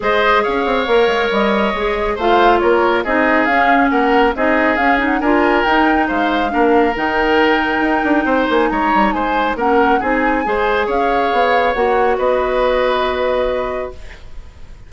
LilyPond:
<<
  \new Staff \with { instrumentName = "flute" } { \time 4/4 \tempo 4 = 138 dis''4 f''2 dis''4~ | dis''4 f''4 cis''4 dis''4 | f''4 fis''4 dis''4 f''8 fis''8 | gis''4 g''4 f''2 |
g''2.~ g''8 gis''8 | ais''4 gis''4 fis''4 gis''4~ | gis''4 f''2 fis''4 | dis''1 | }
  \new Staff \with { instrumentName = "oboe" } { \time 4/4 c''4 cis''2.~ | cis''4 c''4 ais'4 gis'4~ | gis'4 ais'4 gis'2 | ais'2 c''4 ais'4~ |
ais'2. c''4 | cis''4 c''4 ais'4 gis'4 | c''4 cis''2. | b'1 | }
  \new Staff \with { instrumentName = "clarinet" } { \time 4/4 gis'2 ais'2 | gis'4 f'2 dis'4 | cis'2 dis'4 cis'8 dis'8 | f'4 dis'2 d'4 |
dis'1~ | dis'2 cis'4 dis'4 | gis'2. fis'4~ | fis'1 | }
  \new Staff \with { instrumentName = "bassoon" } { \time 4/4 gis4 cis'8 c'8 ais8 gis8 g4 | gis4 a4 ais4 c'4 | cis'4 ais4 c'4 cis'4 | d'4 dis'4 gis4 ais4 |
dis2 dis'8 d'8 c'8 ais8 | gis8 g8 gis4 ais4 c'4 | gis4 cis'4 b4 ais4 | b1 | }
>>